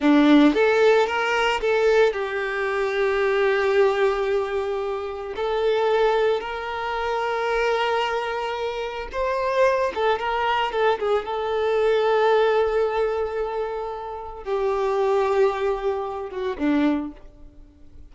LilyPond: \new Staff \with { instrumentName = "violin" } { \time 4/4 \tempo 4 = 112 d'4 a'4 ais'4 a'4 | g'1~ | g'2 a'2 | ais'1~ |
ais'4 c''4. a'8 ais'4 | a'8 gis'8 a'2.~ | a'2. g'4~ | g'2~ g'8 fis'8 d'4 | }